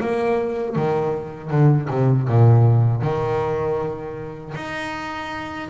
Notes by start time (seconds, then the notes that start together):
0.00 A#3
0.75 D#3
1.50 D3
1.90 C3
2.28 A#2
3.02 D#3
4.54 D#4